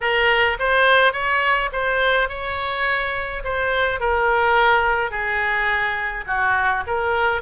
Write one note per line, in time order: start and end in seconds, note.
0.00 0.57 A#4
0.59 1.12 C5
1.12 1.70 C#5
1.72 2.28 C5
2.28 3.43 C#5
3.44 4.00 C5
4.00 5.10 A#4
5.10 6.24 G#4
6.26 6.83 F#4
6.86 7.41 A#4